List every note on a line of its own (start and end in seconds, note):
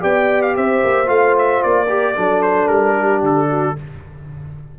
0.00 0.57 B3
0.00 1.06 G4
0.00 0.55 D5
0.00 0.42 G5
0.42 0.55 F5
0.56 0.83 C4
0.56 1.87 C5
0.56 1.08 E5
0.84 1.08 A#3
1.06 1.62 A3
1.06 1.86 F4
1.06 1.35 F5
1.38 1.62 E5
1.62 2.17 A#3
1.62 2.42 D5
1.87 2.15 G4
1.87 2.14 A#4
2.15 2.68 F#3
2.15 3.76 D4
2.15 2.95 A4
2.42 2.67 C5
2.67 3.22 G3
2.67 3.21 A#4
2.95 3.49 G4
3.22 3.76 D3
3.22 3.78 A4
3.49 3.76 F#4